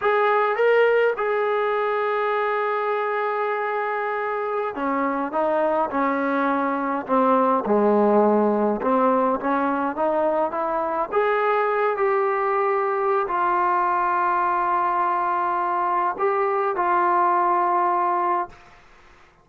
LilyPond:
\new Staff \with { instrumentName = "trombone" } { \time 4/4 \tempo 4 = 104 gis'4 ais'4 gis'2~ | gis'1~ | gis'16 cis'4 dis'4 cis'4.~ cis'16~ | cis'16 c'4 gis2 c'8.~ |
c'16 cis'4 dis'4 e'4 gis'8.~ | gis'8. g'2~ g'16 f'4~ | f'1 | g'4 f'2. | }